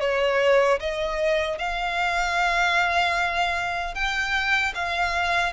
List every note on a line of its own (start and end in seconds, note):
0.00 0.79 C#5
0.79 1.58 D#5
1.58 3.94 F5
3.94 4.73 G5
4.74 5.52 F5